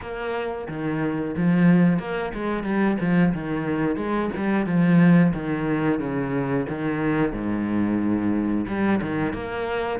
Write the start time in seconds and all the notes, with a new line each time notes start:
0.01 A#3
0.68 D#3
1.37 F3
1.99 A#3
2.34 G#3
2.63 G3
3.00 F3
3.34 D#3
3.96 G#3
4.36 G3
4.65 F3
5.33 D#3
5.99 C#3
6.68 D#3
7.32 G#2
8.67 G3
9.01 D#3
9.33 A#3